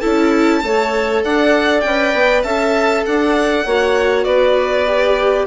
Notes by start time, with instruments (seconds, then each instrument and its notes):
0.00 bassoon C#4, viola E4, clarinet A4, violin A5
0.62 bassoon A3, viola A4, clarinet C#5
1.24 bassoon D4, clarinet D5, violin F#5
1.81 bassoon C#4, viola B4, violin G5
2.14 bassoon B3
2.43 bassoon C#4, viola A4, clarinet E5, violin A5
3.06 bassoon D4, clarinet D5, violin F#5
3.65 bassoon A#3, viola F#4, clarinet C#5
4.24 bassoon B3, clarinet B4, violin D5
4.86 viola G4